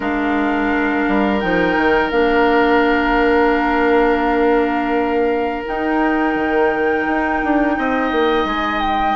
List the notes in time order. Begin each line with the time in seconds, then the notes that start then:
0.00 G#3 D4 A#4 F5
1.08 G3
1.39 F3 D#4 G5
1.76 D#3
2.10 A#3 D4 F5
5.65 D#4 G5
6.35 D#3
7.06 D#4
7.44 D4
7.78 C4 D#5
8.11 A#3
8.45 G#3 G#5
8.81 G5